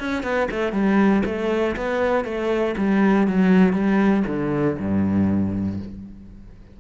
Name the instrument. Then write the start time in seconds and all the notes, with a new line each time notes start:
cello
0.00 C#4
0.23 B3
0.51 A3
0.73 G3
1.26 A3
1.77 B3
2.25 A3
2.78 G3
3.28 F#3
3.73 G3
4.28 D3
4.79 G2